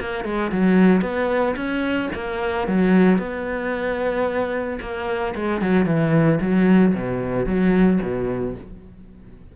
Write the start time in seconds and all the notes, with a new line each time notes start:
0.00 A#3
0.24 G#3
0.51 F#3
1.02 B3
1.56 C#4
2.14 A#3
2.68 F#3
3.19 B3
4.81 A#3
5.35 G#3
5.61 F#3
5.86 E3
6.41 F#3
6.95 B2
7.46 F#3
8.02 B2